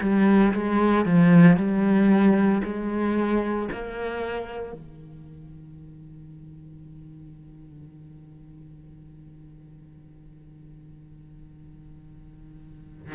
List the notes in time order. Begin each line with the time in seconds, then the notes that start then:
0.00 G3
0.53 G#3
1.05 F3
1.56 G3
2.64 G#3
3.71 A#3
4.72 D#3